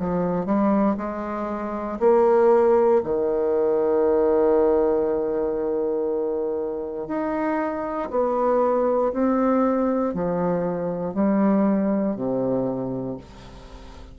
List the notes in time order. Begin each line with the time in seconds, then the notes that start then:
0.00 F3
0.46 G3
0.98 G#3
2.00 A#3
3.04 D#3
7.08 D#4
8.11 B3
9.13 C4
10.14 F3
11.14 G3
12.16 C3